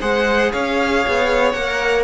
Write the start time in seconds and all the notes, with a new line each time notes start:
0.00 G#3 G#4 C5 F#5
0.51 C#4 C#5 F5
1.07 B3
1.51 A#3 A#4 F#5